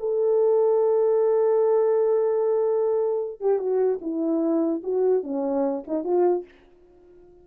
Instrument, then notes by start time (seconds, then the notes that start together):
horn
0.00 A4
3.41 G4
3.59 F#4
4.02 E4
4.84 F#4
5.24 C#4
5.88 D#4
6.04 F4